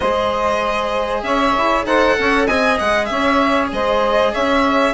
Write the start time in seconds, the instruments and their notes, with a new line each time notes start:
0.00 bassoon G#3, cello G#4, saxophone C5, violin D#5
1.22 bassoon C#4, saxophone C#5, violin E5
1.57 bassoon E4
1.85 bassoon D#4, cello A4, saxophone C5, violin F#5
2.18 bassoon C#4, saxophone C#5
2.46 bassoon C4, cello G#4, saxophone D#5, violin G#5
2.79 bassoon G#3, violin F#5
3.05 bassoon C#4, saxophone C#5, violin E5
3.72 bassoon G#3, saxophone C5, violin D#5
4.32 bassoon C#4, saxophone C#5, violin E5